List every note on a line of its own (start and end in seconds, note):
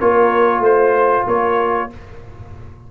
0.00 0.60 A#3
0.00 1.90 F4
0.00 0.62 A#4
0.00 0.64 C#5
0.60 1.23 A3
0.60 1.26 C5
0.60 1.27 C5
1.27 1.90 A#3
1.27 1.90 A#4
1.27 1.92 C#5